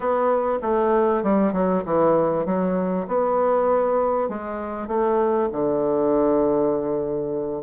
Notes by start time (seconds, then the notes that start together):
0.00 B3
0.62 A3
1.23 G3
1.53 F#3
1.85 E3
2.45 F#3
3.07 B3
4.28 G#3
4.87 A3
5.52 D3